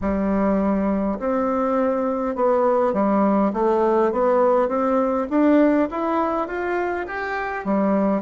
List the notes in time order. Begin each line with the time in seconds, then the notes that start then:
0.01 G3
1.19 C4
2.35 B3
2.93 G3
3.53 A3
4.12 B3
4.68 C4
5.29 D4
5.90 E4
6.47 F4
7.06 G4
7.64 G3